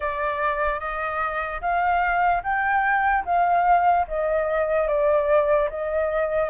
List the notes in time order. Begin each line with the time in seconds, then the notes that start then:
0.00 D5
0.79 D#5
1.61 F5
2.43 G5
3.25 F5
4.07 D#5
4.87 D5
5.69 D#5